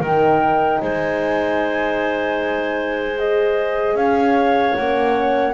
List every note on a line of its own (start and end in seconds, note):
0.00 0.79 D#3
0.00 3.18 D#4
0.00 0.80 A#4
0.00 0.82 G5
0.82 3.95 G#3
0.82 3.96 C5
0.82 3.19 G#5
3.18 4.76 G#4
3.18 3.96 D#5
3.95 4.74 C#4
3.95 5.54 C#5
3.95 4.75 F5
4.75 5.54 A#3
4.75 5.54 C#4
4.75 5.54 F#5